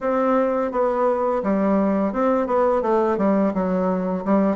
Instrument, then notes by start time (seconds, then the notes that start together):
bassoon
0.01 C4
0.71 B3
1.43 G3
2.12 C4
2.46 B3
2.82 A3
3.17 G3
3.54 F#3
4.24 G3